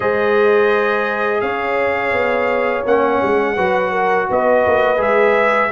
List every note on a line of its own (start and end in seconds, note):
0.00 1.41 G#3
0.00 2.85 G#4
0.00 1.42 C5
0.00 1.40 D#5
1.40 2.12 C#4
1.40 3.56 C#5
1.40 2.83 F5
2.12 2.83 B3
2.85 3.21 A#3
2.85 3.56 C#4
2.85 4.29 F#5
3.22 3.57 G#3
3.56 4.28 F#3
3.56 4.97 F#4
3.56 3.91 B4
3.91 4.26 A#4
4.29 4.66 B3
4.29 5.71 B4
4.29 5.01 D#5
4.66 4.98 A#3
4.97 5.70 G#3
4.97 5.68 G#4
4.97 5.71 E5